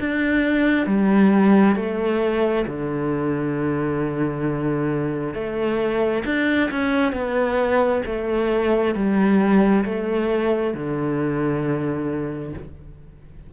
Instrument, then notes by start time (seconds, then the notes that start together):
cello
0.00 D4
0.86 G3
1.76 A3
2.67 D3
5.34 A3
6.25 D4
6.71 C#4
7.12 B3
8.06 A3
8.95 G3
9.85 A3
10.74 D3